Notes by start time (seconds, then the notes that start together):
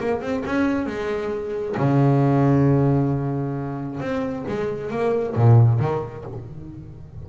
0.00 A#3
0.21 C4
0.46 C#4
0.86 G#3
1.77 C#3
4.01 C4
4.48 G#3
4.91 A#3
5.36 A#2
5.80 D#3